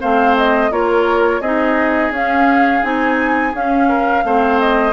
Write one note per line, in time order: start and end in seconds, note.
0.00 0.71 A3
0.00 0.71 C4
0.00 0.71 C5
0.00 0.37 F5
0.37 0.72 D#5
0.71 1.40 A#3
0.71 1.41 F4
0.71 1.41 A#4
0.71 1.41 C#5
1.40 2.10 C4
1.40 2.13 D#4
1.40 3.88 G#4
1.40 2.12 D#5
2.10 2.81 C#4
2.10 2.82 C#4
2.10 2.84 F5
2.82 3.53 C4
2.82 3.53 D#4
2.82 3.55 G#5
3.53 4.24 C#4
3.53 4.25 C#4
3.53 4.60 F5
3.88 4.24 A#4
4.24 4.93 A3
4.24 4.93 C4
4.24 4.93 C5
4.60 4.93 D#5